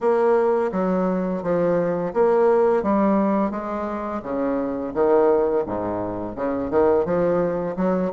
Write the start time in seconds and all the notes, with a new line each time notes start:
0.00 A#3
0.72 F#3
1.42 F3
2.13 A#3
2.82 G3
3.51 G#3
4.22 C#3
4.93 D#3
5.65 G#2
6.35 C#3
6.70 D#3
7.05 F3
7.76 F#3